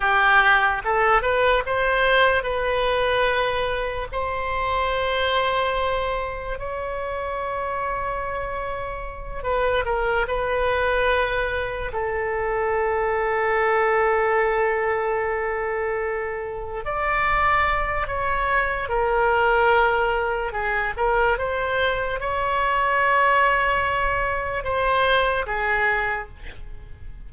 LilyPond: \new Staff \with { instrumentName = "oboe" } { \time 4/4 \tempo 4 = 73 g'4 a'8 b'8 c''4 b'4~ | b'4 c''2. | cis''2.~ cis''8 b'8 | ais'8 b'2 a'4.~ |
a'1~ | a'8 d''4. cis''4 ais'4~ | ais'4 gis'8 ais'8 c''4 cis''4~ | cis''2 c''4 gis'4 | }